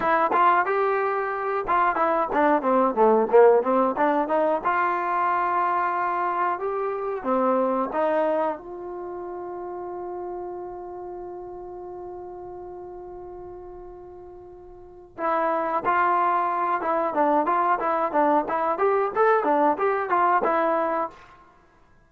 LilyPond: \new Staff \with { instrumentName = "trombone" } { \time 4/4 \tempo 4 = 91 e'8 f'8 g'4. f'8 e'8 d'8 | c'8 a8 ais8 c'8 d'8 dis'8 f'4~ | f'2 g'4 c'4 | dis'4 f'2.~ |
f'1~ | f'2. e'4 | f'4. e'8 d'8 f'8 e'8 d'8 | e'8 g'8 a'8 d'8 g'8 f'8 e'4 | }